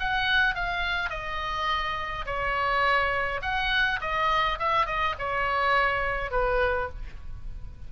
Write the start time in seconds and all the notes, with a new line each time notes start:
0.00 F#5
0.55 F5
1.10 D#5
2.26 C#5
3.42 F#5
4.01 D#5
4.59 E5
4.86 D#5
5.19 C#5
6.31 B4